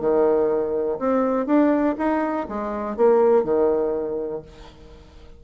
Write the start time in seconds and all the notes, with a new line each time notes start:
0.00 D#3
0.99 C4
1.46 D4
1.97 D#4
2.48 G#3
2.96 A#3
3.44 D#3